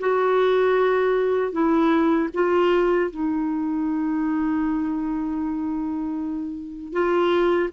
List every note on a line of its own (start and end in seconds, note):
0.00 1.52 F#4
1.52 2.29 E4
2.34 3.11 F4
3.11 6.93 D#4
6.93 7.70 F4